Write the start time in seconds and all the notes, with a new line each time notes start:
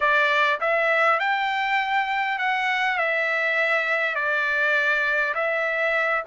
0.00 D5
0.60 E5
1.19 G5
2.38 F#5
2.98 E5
4.15 D5
5.34 E5